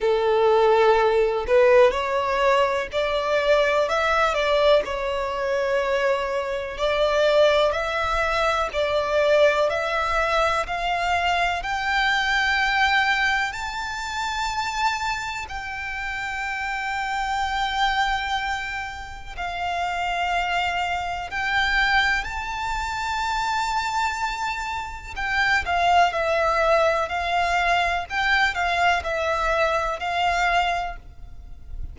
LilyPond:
\new Staff \with { instrumentName = "violin" } { \time 4/4 \tempo 4 = 62 a'4. b'8 cis''4 d''4 | e''8 d''8 cis''2 d''4 | e''4 d''4 e''4 f''4 | g''2 a''2 |
g''1 | f''2 g''4 a''4~ | a''2 g''8 f''8 e''4 | f''4 g''8 f''8 e''4 f''4 | }